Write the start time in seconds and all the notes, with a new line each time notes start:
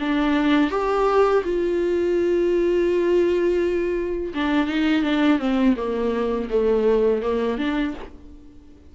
0.00 D4
0.71 G4
1.45 F4
4.35 D4
4.68 D#4
5.03 D4
5.39 C4
5.77 A#3
6.50 A3
7.22 A#3
7.58 D4